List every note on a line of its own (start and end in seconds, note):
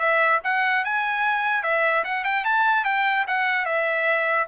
0.00 0.41 E5
0.44 0.85 F#5
0.85 1.64 G#5
1.64 2.04 E5
2.05 2.25 F#5
2.25 2.45 G5
2.45 2.85 A5
2.85 3.26 G5
3.28 3.66 F#5
3.66 4.48 E5